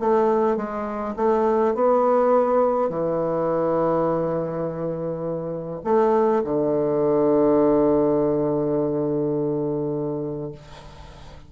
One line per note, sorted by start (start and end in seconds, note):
0.00 0.57 A3
0.57 1.15 G#3
1.17 1.74 A3
1.74 2.89 B3
2.89 5.81 E3
5.84 6.43 A3
6.44 10.52 D3